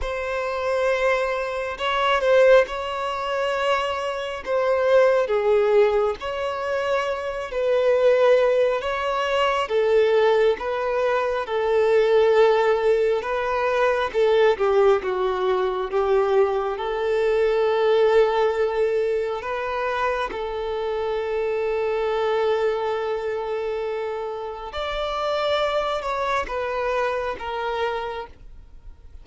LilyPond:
\new Staff \with { instrumentName = "violin" } { \time 4/4 \tempo 4 = 68 c''2 cis''8 c''8 cis''4~ | cis''4 c''4 gis'4 cis''4~ | cis''8 b'4. cis''4 a'4 | b'4 a'2 b'4 |
a'8 g'8 fis'4 g'4 a'4~ | a'2 b'4 a'4~ | a'1 | d''4. cis''8 b'4 ais'4 | }